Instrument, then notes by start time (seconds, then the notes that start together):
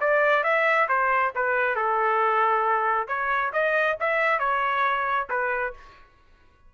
trumpet
0.00 D5
0.43 E5
0.88 C5
1.35 B4
1.75 A4
3.07 C#5
3.52 D#5
3.99 E5
4.39 C#5
5.29 B4